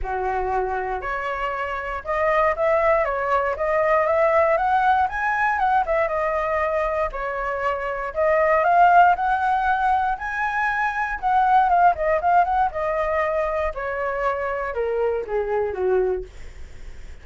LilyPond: \new Staff \with { instrumentName = "flute" } { \time 4/4 \tempo 4 = 118 fis'2 cis''2 | dis''4 e''4 cis''4 dis''4 | e''4 fis''4 gis''4 fis''8 e''8 | dis''2 cis''2 |
dis''4 f''4 fis''2 | gis''2 fis''4 f''8 dis''8 | f''8 fis''8 dis''2 cis''4~ | cis''4 ais'4 gis'4 fis'4 | }